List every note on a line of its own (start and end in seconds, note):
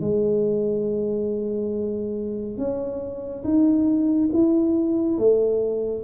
0.00 2.57 G#3
2.58 3.43 C#4
3.44 4.29 D#4
4.33 5.18 E4
5.18 6.04 A3